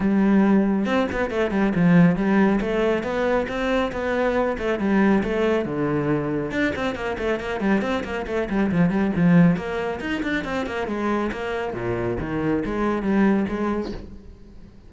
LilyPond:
\new Staff \with { instrumentName = "cello" } { \time 4/4 \tempo 4 = 138 g2 c'8 b8 a8 g8 | f4 g4 a4 b4 | c'4 b4. a8 g4 | a4 d2 d'8 c'8 |
ais8 a8 ais8 g8 c'8 ais8 a8 g8 | f8 g8 f4 ais4 dis'8 d'8 | c'8 ais8 gis4 ais4 ais,4 | dis4 gis4 g4 gis4 | }